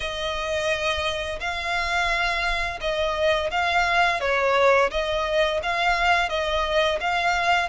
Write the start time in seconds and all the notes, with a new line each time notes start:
0.00 D#5
1.40 F5
2.80 D#5
3.50 F5
4.20 C#5
4.90 D#5
5.62 F5
6.29 D#5
7.00 F5